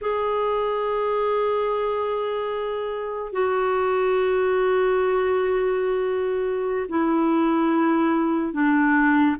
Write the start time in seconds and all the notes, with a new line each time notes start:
0.01 G#4
3.32 F#4
6.88 E4
8.53 D4